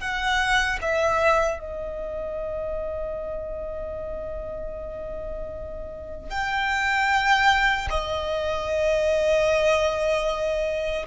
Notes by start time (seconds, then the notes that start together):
0.00 F#5
0.82 E5
1.60 D#5
6.31 G5
7.90 D#5